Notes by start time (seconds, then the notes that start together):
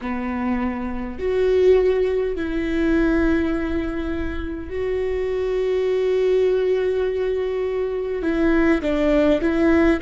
0.01 B3
1.18 F#4
2.36 E4
4.70 F#4
8.22 E4
8.81 D4
9.41 E4